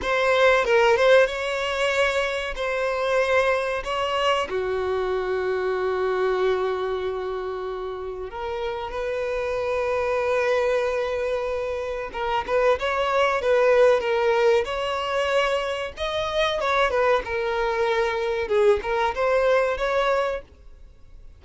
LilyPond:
\new Staff \with { instrumentName = "violin" } { \time 4/4 \tempo 4 = 94 c''4 ais'8 c''8 cis''2 | c''2 cis''4 fis'4~ | fis'1~ | fis'4 ais'4 b'2~ |
b'2. ais'8 b'8 | cis''4 b'4 ais'4 cis''4~ | cis''4 dis''4 cis''8 b'8 ais'4~ | ais'4 gis'8 ais'8 c''4 cis''4 | }